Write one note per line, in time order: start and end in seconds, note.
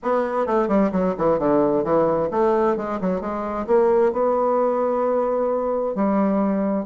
0.02 0.46 B3
0.46 0.68 A3
0.68 0.91 G3
0.92 1.15 F#3
1.17 1.38 E3
1.38 1.83 D3
1.83 2.29 E3
2.30 2.76 A3
2.76 2.99 G#3
3.00 3.20 F#3
3.20 3.66 G#3
3.66 4.12 A#3
4.12 5.95 B3
5.95 6.85 G3